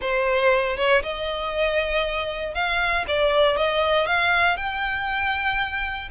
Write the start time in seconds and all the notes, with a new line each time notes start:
0.01 C5
0.76 C#5
1.03 D#5
2.54 F5
3.07 D5
3.56 D#5
4.06 F5
4.56 G5